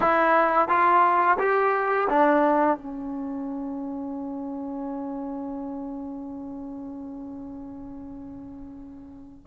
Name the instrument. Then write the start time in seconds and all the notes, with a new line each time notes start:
trombone
0.00 E4
0.68 F4
1.39 G4
2.09 D4
2.77 C#4